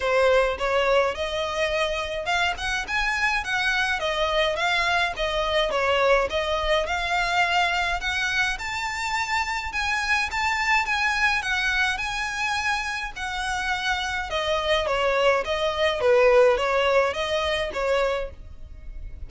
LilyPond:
\new Staff \with { instrumentName = "violin" } { \time 4/4 \tempo 4 = 105 c''4 cis''4 dis''2 | f''8 fis''8 gis''4 fis''4 dis''4 | f''4 dis''4 cis''4 dis''4 | f''2 fis''4 a''4~ |
a''4 gis''4 a''4 gis''4 | fis''4 gis''2 fis''4~ | fis''4 dis''4 cis''4 dis''4 | b'4 cis''4 dis''4 cis''4 | }